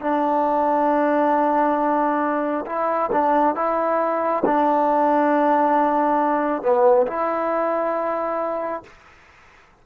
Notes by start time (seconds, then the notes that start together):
0.00 D4
2.66 E4
3.12 D4
3.55 E4
4.45 D4
6.62 B3
7.07 E4